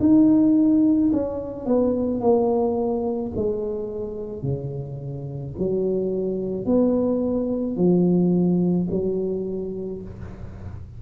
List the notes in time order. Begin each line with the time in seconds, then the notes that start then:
0.00 D#4
1.13 C#4
1.66 B3
2.21 A#3
3.36 G#3
4.42 C#3
5.59 F#3
6.66 B3
7.76 F3
8.91 F#3